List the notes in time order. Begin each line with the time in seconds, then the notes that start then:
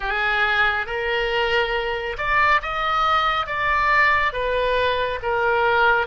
0.00 G#4
0.86 A#4
2.17 D5
2.62 D#5
3.46 D5
4.32 B4
5.22 A#4